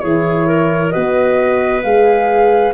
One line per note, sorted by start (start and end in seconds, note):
0.00 0.94 E3
0.00 0.91 E4
0.00 0.47 G#4
0.00 0.90 C#5
0.47 0.92 A#4
0.90 1.84 B3
0.90 1.82 F#4
0.90 2.73 B4
0.90 1.81 D#5
1.83 2.73 G#3
1.83 2.73 G#4
1.83 2.73 F5